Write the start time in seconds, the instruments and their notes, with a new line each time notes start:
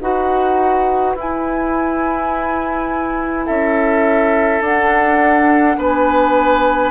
0.00 bassoon D#4, clarinet F#4, oboe B4, flute F#5
1.15 bassoon E4, clarinet E4, flute G#5
3.45 bassoon C#4, oboe A4, flute E5
4.61 bassoon D4, clarinet D4, flute F#5
5.76 bassoon B3, oboe B4, flute G#5